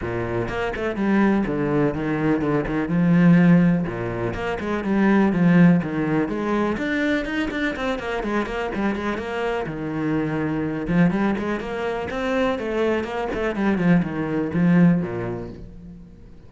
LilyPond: \new Staff \with { instrumentName = "cello" } { \time 4/4 \tempo 4 = 124 ais,4 ais8 a8 g4 d4 | dis4 d8 dis8 f2 | ais,4 ais8 gis8 g4 f4 | dis4 gis4 d'4 dis'8 d'8 |
c'8 ais8 gis8 ais8 g8 gis8 ais4 | dis2~ dis8 f8 g8 gis8 | ais4 c'4 a4 ais8 a8 | g8 f8 dis4 f4 ais,4 | }